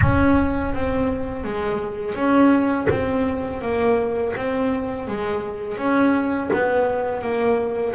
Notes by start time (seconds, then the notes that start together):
0.01 C#4
0.74 C4
1.44 G#3
2.15 C#4
2.89 C4
3.61 A#3
4.36 C4
5.07 G#3
5.77 C#4
6.53 B3
7.21 A#3